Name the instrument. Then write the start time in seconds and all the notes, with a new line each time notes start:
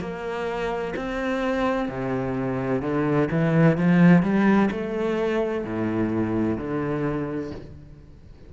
cello
0.00 A#3
0.96 C4
1.89 C3
2.82 D3
3.31 E3
3.78 F3
4.22 G3
4.71 A3
5.64 A2
6.57 D3